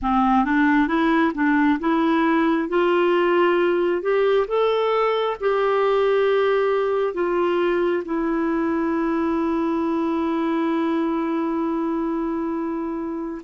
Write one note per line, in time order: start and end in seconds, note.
0.02 0.44 C4
0.44 0.87 D4
0.87 1.32 E4
1.34 1.79 D4
1.79 2.68 E4
2.68 4.02 F4
4.02 4.47 G4
4.47 5.36 A4
5.40 7.14 G4
7.14 8.03 F4
8.04 13.42 E4